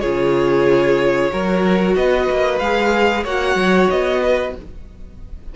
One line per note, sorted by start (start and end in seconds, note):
0.00 1.33 C#3
0.00 1.31 F4
0.00 1.30 G#4
0.00 1.94 C#5
1.31 1.96 F#3
1.31 2.60 F#4
1.31 1.96 A#4
1.96 2.28 B3
1.96 3.24 B4
1.96 2.59 D#5
2.30 2.60 A#3
2.59 3.24 G#3
2.59 3.27 G#4
2.59 3.23 F5
3.24 3.55 A#3
3.24 4.56 F#4
3.24 4.20 C#5
3.24 3.90 F#5
3.55 3.87 F#3
3.90 4.55 B3
3.90 4.55 D#5
4.22 4.55 B4